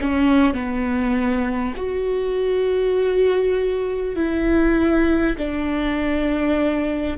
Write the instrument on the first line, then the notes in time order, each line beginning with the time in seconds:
viola
0.00 C#4
0.54 B3
1.76 F#4
4.16 E4
5.38 D4